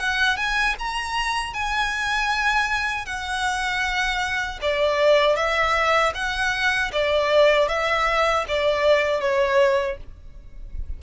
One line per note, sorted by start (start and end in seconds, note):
0.00 0.37 F#5
0.37 0.76 G#5
0.79 1.54 A#5
1.54 3.06 G#5
3.06 4.60 F#5
4.62 5.36 D5
5.36 6.13 E5
6.15 6.92 F#5
6.93 7.69 D5
7.69 8.46 E5
8.48 9.21 D5
9.21 9.98 C#5